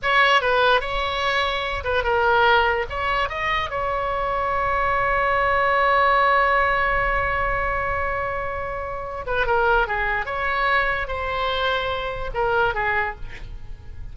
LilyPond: \new Staff \with { instrumentName = "oboe" } { \time 4/4 \tempo 4 = 146 cis''4 b'4 cis''2~ | cis''8 b'8 ais'2 cis''4 | dis''4 cis''2.~ | cis''1~ |
cis''1~ | cis''2~ cis''8 b'8 ais'4 | gis'4 cis''2 c''4~ | c''2 ais'4 gis'4 | }